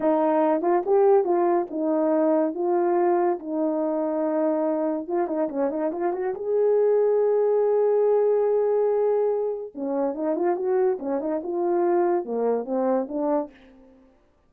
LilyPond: \new Staff \with { instrumentName = "horn" } { \time 4/4 \tempo 4 = 142 dis'4. f'8 g'4 f'4 | dis'2 f'2 | dis'1 | f'8 dis'8 cis'8 dis'8 f'8 fis'8 gis'4~ |
gis'1~ | gis'2. cis'4 | dis'8 f'8 fis'4 cis'8 dis'8 f'4~ | f'4 ais4 c'4 d'4 | }